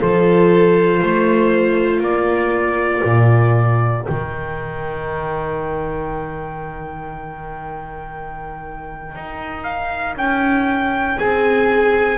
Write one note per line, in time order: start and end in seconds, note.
0.00 1.02 F3
0.00 4.03 F4
0.00 1.00 A4
0.00 2.03 C5
1.00 2.00 A3
1.00 2.01 C5
2.00 3.01 A#3
2.00 11.16 A#4
2.00 4.05 D5
3.04 4.06 A#2
4.03 9.15 D#3
4.03 12.16 D#4
4.03 9.63 G5
9.15 10.16 D#4
9.63 10.14 F5
10.16 11.18 C#4
10.16 11.19 G5
11.19 12.18 C4
11.19 12.18 G#4
11.19 12.18 G#5